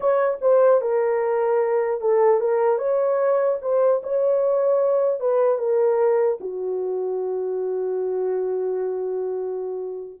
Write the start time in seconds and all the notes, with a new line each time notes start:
0.00 C#5
0.41 C5
0.81 A#4
2.00 A4
2.40 A#4
2.78 C#5
3.61 C5
4.03 C#5
5.20 B4
5.58 A#4
6.40 F#4